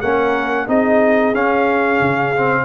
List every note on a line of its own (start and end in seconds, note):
0.00 0.68 A#3
0.00 0.67 C#4
0.00 0.67 A#4
0.00 0.68 F#5
0.67 1.34 C4
0.67 1.34 D#4
0.67 2.65 G#4
0.67 1.35 D#5
1.34 2.00 C#4
1.34 2.35 C#4
1.34 2.65 F5
2.00 2.65 C#3
2.36 2.65 C4